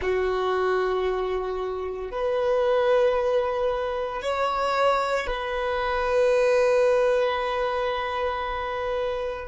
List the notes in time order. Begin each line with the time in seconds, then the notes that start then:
0.01 F#4
2.11 B4
4.22 C#5
5.26 B4